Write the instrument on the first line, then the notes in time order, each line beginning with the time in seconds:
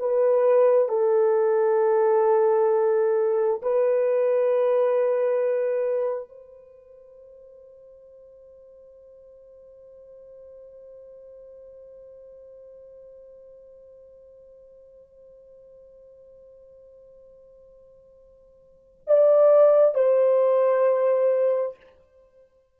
horn
0.00 B4
0.89 A4
3.63 B4
6.29 C5
19.07 D5
19.95 C5